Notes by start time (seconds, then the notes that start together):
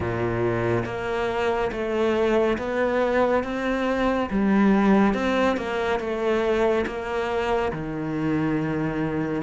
0.00 A#2
0.85 A#3
1.71 A3
2.58 B3
3.43 C4
4.30 G3
5.14 C4
5.56 A#3
5.99 A3
6.86 A#3
7.72 D#3